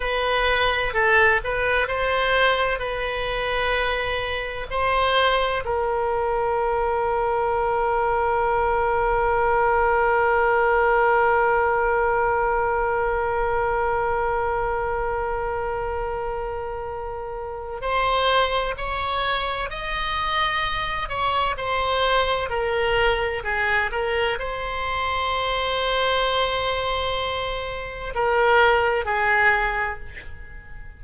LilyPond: \new Staff \with { instrumentName = "oboe" } { \time 4/4 \tempo 4 = 64 b'4 a'8 b'8 c''4 b'4~ | b'4 c''4 ais'2~ | ais'1~ | ais'1~ |
ais'2. c''4 | cis''4 dis''4. cis''8 c''4 | ais'4 gis'8 ais'8 c''2~ | c''2 ais'4 gis'4 | }